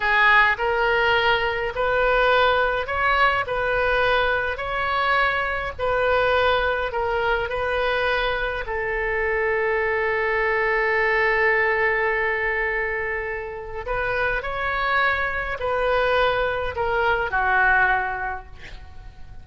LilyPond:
\new Staff \with { instrumentName = "oboe" } { \time 4/4 \tempo 4 = 104 gis'4 ais'2 b'4~ | b'4 cis''4 b'2 | cis''2 b'2 | ais'4 b'2 a'4~ |
a'1~ | a'1 | b'4 cis''2 b'4~ | b'4 ais'4 fis'2 | }